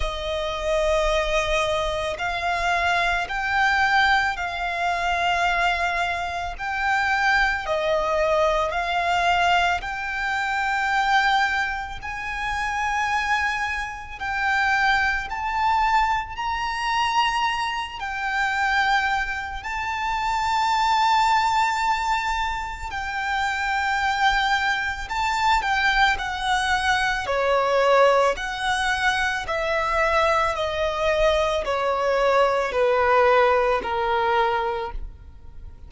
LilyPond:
\new Staff \with { instrumentName = "violin" } { \time 4/4 \tempo 4 = 55 dis''2 f''4 g''4 | f''2 g''4 dis''4 | f''4 g''2 gis''4~ | gis''4 g''4 a''4 ais''4~ |
ais''8 g''4. a''2~ | a''4 g''2 a''8 g''8 | fis''4 cis''4 fis''4 e''4 | dis''4 cis''4 b'4 ais'4 | }